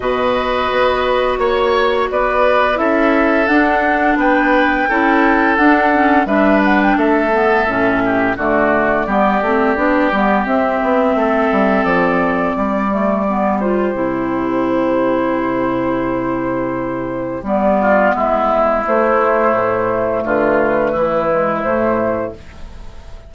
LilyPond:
<<
  \new Staff \with { instrumentName = "flute" } { \time 4/4 \tempo 4 = 86 dis''2 cis''4 d''4 | e''4 fis''4 g''2 | fis''4 e''8 fis''16 g''16 e''2 | d''2. e''4~ |
e''4 d''2~ d''8 c''8~ | c''1~ | c''4 d''4 e''4 c''4~ | c''4 b'2 c''4 | }
  \new Staff \with { instrumentName = "oboe" } { \time 4/4 b'2 cis''4 b'4 | a'2 b'4 a'4~ | a'4 b'4 a'4. g'8 | fis'4 g'2. |
a'2 g'2~ | g'1~ | g'4. f'8 e'2~ | e'4 f'4 e'2 | }
  \new Staff \with { instrumentName = "clarinet" } { \time 4/4 fis'1 | e'4 d'2 e'4 | d'8 cis'8 d'4. b8 cis'4 | a4 b8 c'8 d'8 b8 c'4~ |
c'2~ c'8 a8 b8 f'8 | e'1~ | e'4 b2 a4~ | a2~ a8 gis8 a4 | }
  \new Staff \with { instrumentName = "bassoon" } { \time 4/4 b,4 b4 ais4 b4 | cis'4 d'4 b4 cis'4 | d'4 g4 a4 a,4 | d4 g8 a8 b8 g8 c'8 b8 |
a8 g8 f4 g2 | c1~ | c4 g4 gis4 a4 | a,4 d4 e4 a,4 | }
>>